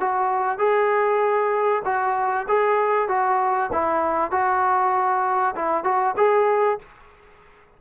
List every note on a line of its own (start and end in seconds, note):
0.00 0.58 F#4
0.58 1.82 G#4
1.85 2.47 F#4
2.48 3.09 G#4
3.09 3.71 F#4
3.72 4.31 E4
4.31 5.55 F#4
5.56 5.84 E4
5.84 6.15 F#4
6.17 6.79 G#4